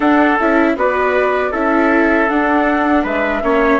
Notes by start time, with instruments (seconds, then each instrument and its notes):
0.00 bassoon D4, viola D4, trumpet A4, flute F#5
0.39 bassoon C#4, viola E4, flute E5
0.75 bassoon B3, viola F#4, trumpet B4, flute D5
1.51 bassoon C#4, viola E4, trumpet A4, flute E5
2.28 viola D4, bassoon D4, flute F#5
3.03 bassoon G#3, trumpet B4, flute E5
3.42 bassoon A#3, viola C#4, trumpet C#5